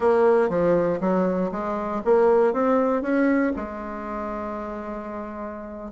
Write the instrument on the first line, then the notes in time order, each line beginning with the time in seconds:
bassoon
0.00 A#3
0.49 F3
1.00 F#3
1.51 G#3
2.04 A#3
2.53 C4
3.01 C#4
3.55 G#3